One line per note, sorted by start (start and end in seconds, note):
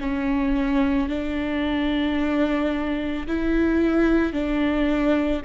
0.00 1.09 C#4
1.09 3.27 D4
3.27 4.33 E4
4.33 5.42 D4